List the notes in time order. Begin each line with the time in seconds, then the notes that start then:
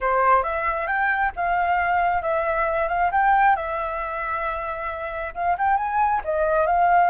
0.00 C5
0.43 E5
0.87 G5
1.36 F5
2.22 E5
2.88 F5
3.11 G5
3.56 E5
5.34 F5
5.58 G5
5.77 G#5
6.24 D#5
6.66 F5